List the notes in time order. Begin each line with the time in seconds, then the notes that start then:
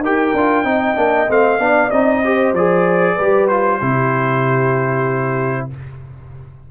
0.00 D#4 G4 A#4 G5
0.34 D4 F4
0.64 C4 D#4 D#5
0.95 A#3 D4
1.28 A3 C4 F5
1.59 B3 D4 D5
1.90 C4 D#4 D#5
2.24 G4 C5
2.53 F3 G#4 D5
3.14 G3 G4 B4
3.47 F4 C5
3.79 C3 E4 G4